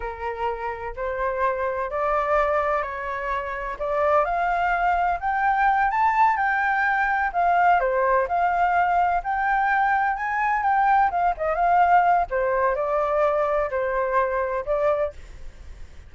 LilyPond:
\new Staff \with { instrumentName = "flute" } { \time 4/4 \tempo 4 = 127 ais'2 c''2 | d''2 cis''2 | d''4 f''2 g''4~ | g''8 a''4 g''2 f''8~ |
f''8 c''4 f''2 g''8~ | g''4. gis''4 g''4 f''8 | dis''8 f''4. c''4 d''4~ | d''4 c''2 d''4 | }